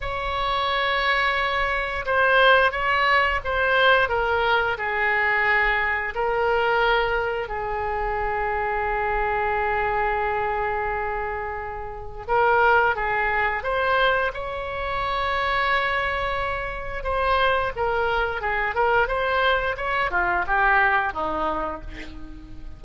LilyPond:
\new Staff \with { instrumentName = "oboe" } { \time 4/4 \tempo 4 = 88 cis''2. c''4 | cis''4 c''4 ais'4 gis'4~ | gis'4 ais'2 gis'4~ | gis'1~ |
gis'2 ais'4 gis'4 | c''4 cis''2.~ | cis''4 c''4 ais'4 gis'8 ais'8 | c''4 cis''8 f'8 g'4 dis'4 | }